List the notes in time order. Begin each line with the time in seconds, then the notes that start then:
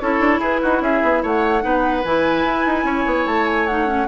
0.00 C#4 E4 A4 C#5
0.20 D4
0.39 E4 G#4 B4
0.62 D#4 F#4
0.81 C#4 G#4 E5
1.02 B3
1.23 A3 C#5 F#5
1.61 B3 D#4 B4
2.04 E3 E4 G#5
2.44 E4
2.66 D#4
2.84 C#4 C#5
3.06 B3
3.26 A3 A5
3.46 G#5
3.67 D#4 F#5
3.86 C#4